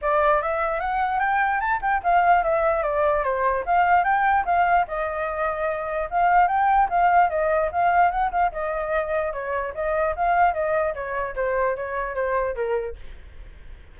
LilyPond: \new Staff \with { instrumentName = "flute" } { \time 4/4 \tempo 4 = 148 d''4 e''4 fis''4 g''4 | a''8 g''8 f''4 e''4 d''4 | c''4 f''4 g''4 f''4 | dis''2. f''4 |
g''4 f''4 dis''4 f''4 | fis''8 f''8 dis''2 cis''4 | dis''4 f''4 dis''4 cis''4 | c''4 cis''4 c''4 ais'4 | }